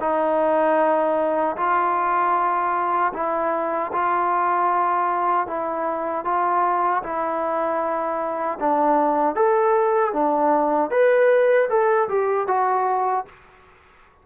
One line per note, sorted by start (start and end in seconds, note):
0.00 1.56 D#4
1.56 3.12 F4
3.13 3.91 E4
3.92 5.47 F4
5.47 6.24 E4
6.24 7.02 F4
7.03 8.59 E4
8.60 9.35 D4
9.35 10.13 A4
10.13 10.91 D4
10.91 11.68 B4
11.69 12.08 A4
12.08 12.47 G4
12.47 13.25 F#4